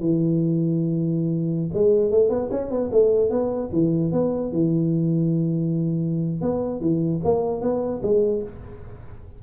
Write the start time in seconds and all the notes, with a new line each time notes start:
0.00 E3
1.74 G#3
2.11 A3
2.29 B3
2.51 C#4
2.70 B3
2.91 A3
3.30 B3
3.72 E3
4.12 B3
4.52 E3
6.41 B3
6.80 E3
7.24 A#3
7.61 B3
8.02 G#3